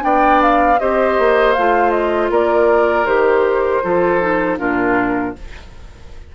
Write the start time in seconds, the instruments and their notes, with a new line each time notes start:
0.00 bassoon B3, clarinet D4, oboe D5, flute G5
0.42 flute F5
0.79 bassoon C4, clarinet G4, oboe C5, flute D#5
1.18 bassoon A#3
1.53 bassoon A3, clarinet F4, flute F5
1.91 flute D#5
2.30 bassoon A#3, oboe A#4, flute D5
3.06 bassoon D#3, clarinet G4, flute C5
3.83 bassoon F3, clarinet F4, oboe A4
4.21 clarinet D#4
4.58 bassoon A#2, clarinet D4, oboe F4, flute A#4